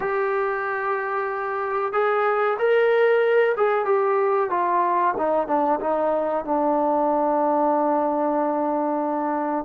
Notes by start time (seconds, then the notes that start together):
0.00 G4
1.92 G#4
2.58 A#4
3.57 G#4
3.85 G4
4.50 F4
5.17 D#4
5.47 D4
5.80 D#4
6.44 D4